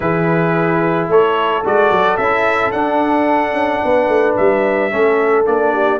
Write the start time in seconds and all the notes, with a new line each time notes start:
0.00 E3 E4 G#4 B4
1.07 A3 A4 C#5
1.64 G#3 F#4 D5
1.90 F#3
2.16 C#4 E4 E5
2.71 D4 F#5
3.53 C#4
3.83 B3 B4
4.07 A3
4.36 G3 E5
4.91 A3 C#4 A4
5.45 A#3 D4 D5
5.73 G4